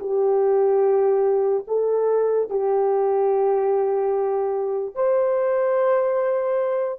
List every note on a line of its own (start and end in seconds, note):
0.00 1.64 G4
1.67 2.50 A4
2.50 4.95 G4
4.95 6.99 C5